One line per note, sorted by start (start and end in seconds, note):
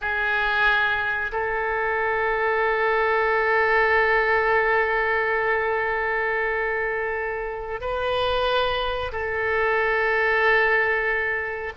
0.01 1.31 G#4
1.32 7.81 A4
7.81 9.11 B4
9.12 11.72 A4